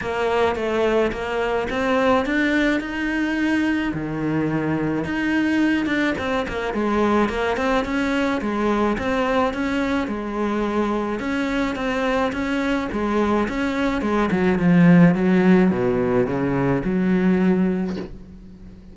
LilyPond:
\new Staff \with { instrumentName = "cello" } { \time 4/4 \tempo 4 = 107 ais4 a4 ais4 c'4 | d'4 dis'2 dis4~ | dis4 dis'4. d'8 c'8 ais8 | gis4 ais8 c'8 cis'4 gis4 |
c'4 cis'4 gis2 | cis'4 c'4 cis'4 gis4 | cis'4 gis8 fis8 f4 fis4 | b,4 cis4 fis2 | }